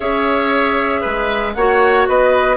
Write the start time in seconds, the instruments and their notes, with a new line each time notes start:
0.00 bassoon C#4, clarinet G#4, oboe C#5, flute E5
1.00 bassoon G#3, oboe B4
1.54 bassoon A#3, clarinet F#4, oboe C#5, flute F#5
2.07 bassoon B3, oboe B4, flute D#5